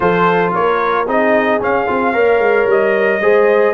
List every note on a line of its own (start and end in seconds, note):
0.00 0.53 F3
0.00 1.06 F4
0.00 0.53 A4
0.00 0.52 C5
0.53 1.06 A#3
0.53 1.07 A#4
0.53 1.08 C#5
1.06 1.60 C4
1.06 1.60 D#4
1.06 2.14 G#4
1.06 1.62 D#5
1.60 1.86 C#4
1.60 1.88 C#4
1.60 2.70 F5
1.86 2.15 C4
1.86 2.13 F4
2.13 2.38 A#3
2.13 3.20 A#4
2.13 3.21 C#5
2.38 2.65 G#3
2.66 3.19 G3
2.66 3.73 D#5
3.20 3.73 G#3
3.20 3.73 G#4
3.20 3.73 C5